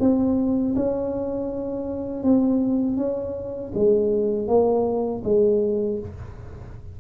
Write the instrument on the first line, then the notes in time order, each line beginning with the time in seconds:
tuba
0.00 C4
0.76 C#4
2.23 C4
2.97 C#4
3.75 G#3
4.48 A#3
5.24 G#3